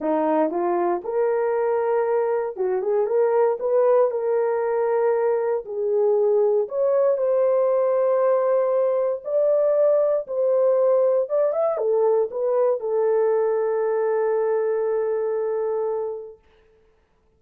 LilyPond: \new Staff \with { instrumentName = "horn" } { \time 4/4 \tempo 4 = 117 dis'4 f'4 ais'2~ | ais'4 fis'8 gis'8 ais'4 b'4 | ais'2. gis'4~ | gis'4 cis''4 c''2~ |
c''2 d''2 | c''2 d''8 e''8 a'4 | b'4 a'2.~ | a'1 | }